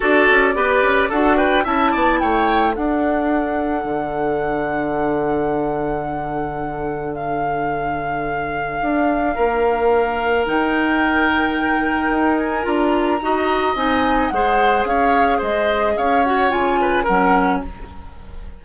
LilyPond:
<<
  \new Staff \with { instrumentName = "flute" } { \time 4/4 \tempo 4 = 109 d''2 fis''8 g''8 a''4 | g''4 fis''2.~ | fis''1~ | fis''4 f''2.~ |
f''2. g''4~ | g''2~ g''8 gis''8 ais''4~ | ais''4 gis''4 fis''4 f''4 | dis''4 f''8 fis''8 gis''4 fis''4 | }
  \new Staff \with { instrumentName = "oboe" } { \time 4/4 a'4 b'4 a'8 b'8 e''8 d''8 | cis''4 a'2.~ | a'1~ | a'1~ |
a'4 ais'2.~ | ais'1 | dis''2 c''4 cis''4 | c''4 cis''4. b'8 ais'4 | }
  \new Staff \with { instrumentName = "clarinet" } { \time 4/4 fis'4 g'4 fis'4 e'4~ | e'4 d'2.~ | d'1~ | d'1~ |
d'2. dis'4~ | dis'2. f'4 | fis'4 dis'4 gis'2~ | gis'4. fis'8 f'4 cis'4 | }
  \new Staff \with { instrumentName = "bassoon" } { \time 4/4 d'8 cis'8 b8 cis'8 d'4 cis'8 b8 | a4 d'2 d4~ | d1~ | d1 |
d'4 ais2 dis4~ | dis2 dis'4 d'4 | dis'4 c'4 gis4 cis'4 | gis4 cis'4 cis4 fis4 | }
>>